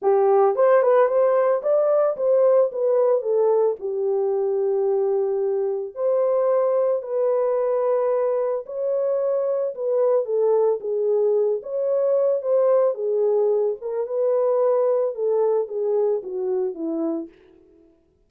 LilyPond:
\new Staff \with { instrumentName = "horn" } { \time 4/4 \tempo 4 = 111 g'4 c''8 b'8 c''4 d''4 | c''4 b'4 a'4 g'4~ | g'2. c''4~ | c''4 b'2. |
cis''2 b'4 a'4 | gis'4. cis''4. c''4 | gis'4. ais'8 b'2 | a'4 gis'4 fis'4 e'4 | }